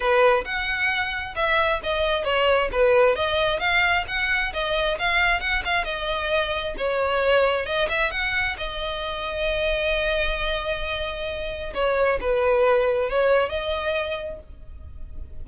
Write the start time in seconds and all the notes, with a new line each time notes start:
0.00 B4
0.44 F#5
1.35 E5
1.83 D#5
2.24 C#5
2.72 B4
3.15 D#5
3.59 F5
4.07 F#5
4.53 D#5
4.98 F5
5.40 F#5
5.65 F5
5.84 D#5
6.77 C#5
7.65 D#5
7.88 E5
8.11 F#5
8.57 D#5
11.74 C#5
12.20 B4
13.09 C#5
13.49 D#5